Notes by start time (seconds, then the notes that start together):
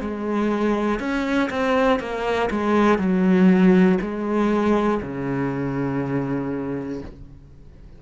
0.00 G#3
1.00 C#4
1.50 C4
2.00 A#3
2.50 G#3
2.98 F#3
4.00 G#3
5.01 C#3